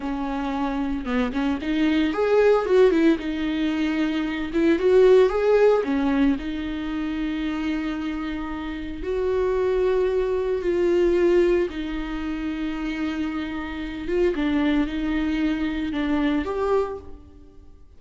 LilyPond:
\new Staff \with { instrumentName = "viola" } { \time 4/4 \tempo 4 = 113 cis'2 b8 cis'8 dis'4 | gis'4 fis'8 e'8 dis'2~ | dis'8 e'8 fis'4 gis'4 cis'4 | dis'1~ |
dis'4 fis'2. | f'2 dis'2~ | dis'2~ dis'8 f'8 d'4 | dis'2 d'4 g'4 | }